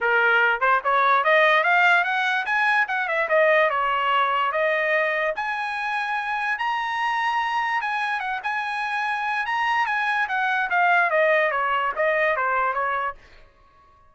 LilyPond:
\new Staff \with { instrumentName = "trumpet" } { \time 4/4 \tempo 4 = 146 ais'4. c''8 cis''4 dis''4 | f''4 fis''4 gis''4 fis''8 e''8 | dis''4 cis''2 dis''4~ | dis''4 gis''2. |
ais''2. gis''4 | fis''8 gis''2~ gis''8 ais''4 | gis''4 fis''4 f''4 dis''4 | cis''4 dis''4 c''4 cis''4 | }